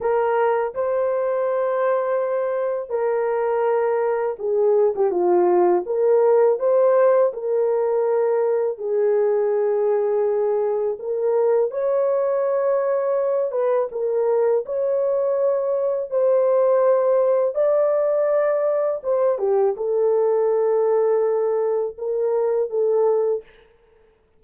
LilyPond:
\new Staff \with { instrumentName = "horn" } { \time 4/4 \tempo 4 = 82 ais'4 c''2. | ais'2 gis'8. g'16 f'4 | ais'4 c''4 ais'2 | gis'2. ais'4 |
cis''2~ cis''8 b'8 ais'4 | cis''2 c''2 | d''2 c''8 g'8 a'4~ | a'2 ais'4 a'4 | }